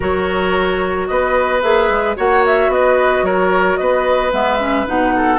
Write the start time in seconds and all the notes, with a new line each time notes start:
0.00 F#3 F#4 A#4 C#5
1.07 B3 B4 D#5
1.61 A#3 G#4 E5
1.88 G#3
2.15 A#3 F#4 C#5 F#5
2.45 E5
2.68 B3 B4 D#5
3.22 F#3 A#4 C#5
3.76 B3 B4 D#5
4.31 G#3 B3 E5
4.58 C#4
4.85 B2 D#4 F#5
5.16 A4